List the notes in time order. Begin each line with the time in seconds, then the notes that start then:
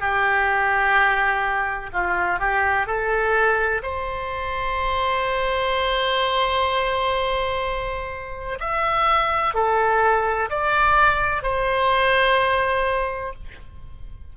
0.00 G4
1.93 F4
2.40 G4
2.87 A4
3.83 C5
8.60 E5
9.54 A4
10.50 D5
11.43 C5